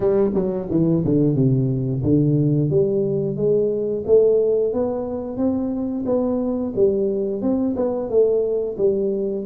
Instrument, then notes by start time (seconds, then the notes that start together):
tuba
0.00 G3
0.34 F#3
0.70 E3
1.04 D3
1.35 C3
2.02 D3
2.70 G3
3.36 G#3
4.06 A3
4.73 B3
5.37 C4
6.05 B3
6.75 G3
7.41 C4
7.76 B3
8.09 A3
8.77 G3